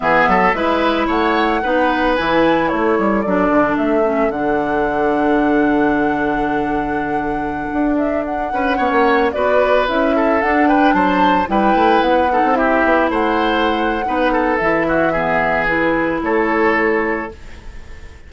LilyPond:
<<
  \new Staff \with { instrumentName = "flute" } { \time 4/4 \tempo 4 = 111 e''2 fis''2 | gis''4 cis''4 d''4 e''4 | fis''1~ | fis''2~ fis''8. e''8 fis''8.~ |
fis''4~ fis''16 d''4 e''4 fis''8 g''16~ | g''16 a''4 g''4 fis''4 e''8.~ | e''16 fis''2~ fis''8. e''4~ | e''4 b'4 cis''2 | }
  \new Staff \with { instrumentName = "oboe" } { \time 4/4 gis'8 a'8 b'4 cis''4 b'4~ | b'4 a'2.~ | a'1~ | a'2.~ a'8. b'16~ |
b'16 cis''4 b'4. a'4 b'16~ | b'16 c''4 b'4. a'8 g'8.~ | g'16 c''4.~ c''16 b'8 a'4 fis'8 | gis'2 a'2 | }
  \new Staff \with { instrumentName = "clarinet" } { \time 4/4 b4 e'2 dis'4 | e'2 d'4. cis'8 | d'1~ | d'1~ |
d'16 cis'4 fis'4 e'4 d'8.~ | d'4~ d'16 e'4. dis'8 e'8.~ | e'2 dis'4 e'4 | b4 e'2. | }
  \new Staff \with { instrumentName = "bassoon" } { \time 4/4 e8 fis8 gis4 a4 b4 | e4 a8 g8 fis8 d8 a4 | d1~ | d2~ d16 d'4. cis'16~ |
cis'16 b16 ais8. b4 cis'4 d'8.~ | d'16 fis4 g8 a8 b8. c'8. b16~ | b16 a4.~ a16 b4 e4~ | e2 a2 | }
>>